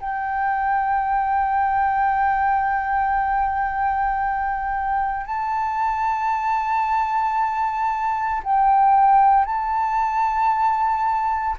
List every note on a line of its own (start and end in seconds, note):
0.00 5.26 G5
5.26 8.42 A5
8.43 9.45 G5
9.45 11.56 A5